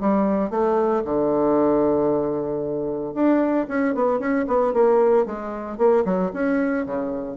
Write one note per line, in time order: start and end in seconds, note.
0.00 0.50 G3
0.50 1.03 A3
1.05 3.14 D3
3.14 3.67 D4
3.68 3.94 C#4
3.94 4.19 B3
4.19 4.45 C#4
4.47 4.73 B3
4.73 5.26 A#3
5.26 5.78 G#3
5.78 6.04 A#3
6.05 6.31 F#3
6.33 6.86 C#4
6.86 7.37 C#3